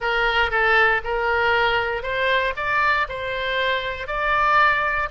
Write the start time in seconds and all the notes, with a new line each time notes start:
0.00 A#4
0.51 A4
1.04 A#4
2.02 C5
2.56 D5
3.08 C5
4.07 D5